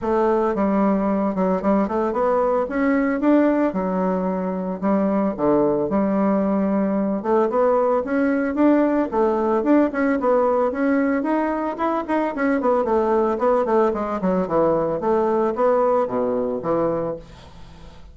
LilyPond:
\new Staff \with { instrumentName = "bassoon" } { \time 4/4 \tempo 4 = 112 a4 g4. fis8 g8 a8 | b4 cis'4 d'4 fis4~ | fis4 g4 d4 g4~ | g4. a8 b4 cis'4 |
d'4 a4 d'8 cis'8 b4 | cis'4 dis'4 e'8 dis'8 cis'8 b8 | a4 b8 a8 gis8 fis8 e4 | a4 b4 b,4 e4 | }